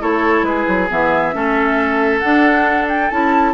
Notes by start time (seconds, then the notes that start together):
0.00 A3 E4 A4 C#5
0.42 G#3 G#4 B4
0.68 F#3
0.89 E3 B3 E5
1.33 A3 C#4 A4
2.19 D4 F#5
2.89 G5
3.10 C#4 E4 A5